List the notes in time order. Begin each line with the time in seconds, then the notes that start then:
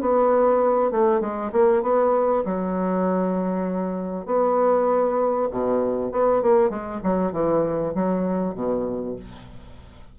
0.00 B3
0.91 A3
1.20 G#3
1.52 A#3
1.82 B3
2.45 F#3
4.26 B3
5.50 B2
6.11 B3
6.42 A#3
6.69 G#3
7.03 F#3
7.32 E3
7.94 F#3
8.54 B2